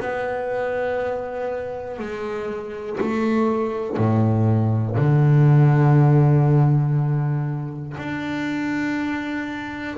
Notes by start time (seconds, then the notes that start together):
0.00 B3
1.99 G#3
3.00 A3
3.97 A2
4.96 D3
7.97 D4